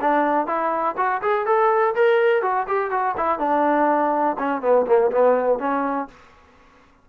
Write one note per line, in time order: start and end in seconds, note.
0.00 0.46 D4
0.46 0.95 E4
0.97 1.21 F#4
1.21 1.45 G#4
1.45 1.94 A4
1.95 2.42 A#4
2.42 2.66 F#4
2.67 2.90 G4
2.90 3.14 F#4
3.17 3.38 E4
3.38 4.36 D4
4.38 4.61 C#4
4.61 4.85 B3
4.86 5.11 A#3
5.11 5.59 B3
5.59 6.07 C#4